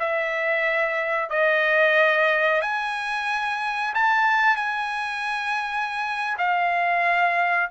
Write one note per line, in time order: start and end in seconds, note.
0.00 1.30 E5
1.30 2.62 D#5
2.62 3.94 G#5
3.95 4.56 A5
4.56 6.37 G#5
6.38 7.70 F5